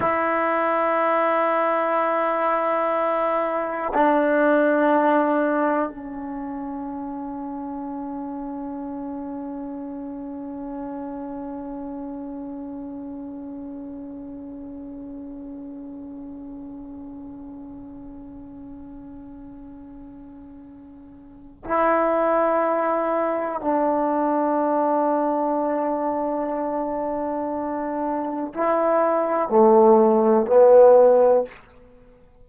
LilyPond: \new Staff \with { instrumentName = "trombone" } { \time 4/4 \tempo 4 = 61 e'1 | d'2 cis'2~ | cis'1~ | cis'1~ |
cis'1~ | cis'2 e'2 | d'1~ | d'4 e'4 a4 b4 | }